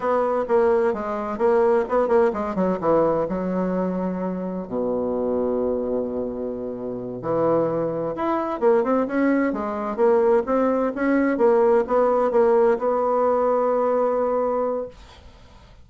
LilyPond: \new Staff \with { instrumentName = "bassoon" } { \time 4/4 \tempo 4 = 129 b4 ais4 gis4 ais4 | b8 ais8 gis8 fis8 e4 fis4~ | fis2 b,2~ | b,2.~ b,8 e8~ |
e4. e'4 ais8 c'8 cis'8~ | cis'8 gis4 ais4 c'4 cis'8~ | cis'8 ais4 b4 ais4 b8~ | b1 | }